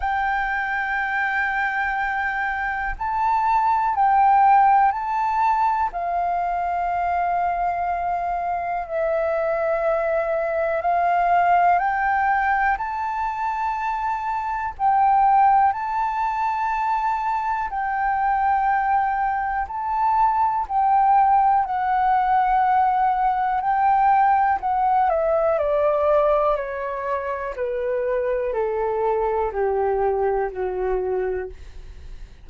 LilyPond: \new Staff \with { instrumentName = "flute" } { \time 4/4 \tempo 4 = 61 g''2. a''4 | g''4 a''4 f''2~ | f''4 e''2 f''4 | g''4 a''2 g''4 |
a''2 g''2 | a''4 g''4 fis''2 | g''4 fis''8 e''8 d''4 cis''4 | b'4 a'4 g'4 fis'4 | }